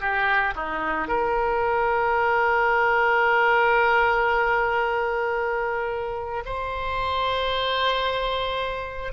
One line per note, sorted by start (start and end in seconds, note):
0.00 0.54 G4
0.55 1.07 D#4
1.07 6.43 A#4
6.45 9.12 C5